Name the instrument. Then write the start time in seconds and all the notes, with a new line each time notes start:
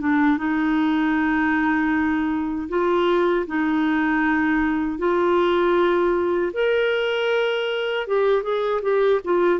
clarinet
0.00 D4
0.37 D#4
2.69 F4
3.47 D#4
4.98 F4
6.53 A#4
8.07 G4
8.43 G#4
8.82 G4
9.24 F4